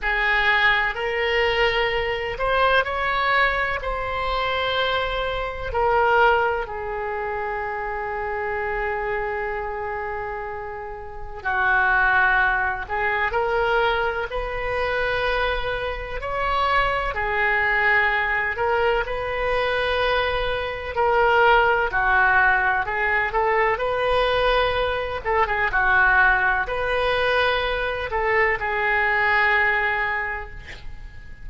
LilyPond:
\new Staff \with { instrumentName = "oboe" } { \time 4/4 \tempo 4 = 63 gis'4 ais'4. c''8 cis''4 | c''2 ais'4 gis'4~ | gis'1 | fis'4. gis'8 ais'4 b'4~ |
b'4 cis''4 gis'4. ais'8 | b'2 ais'4 fis'4 | gis'8 a'8 b'4. a'16 gis'16 fis'4 | b'4. a'8 gis'2 | }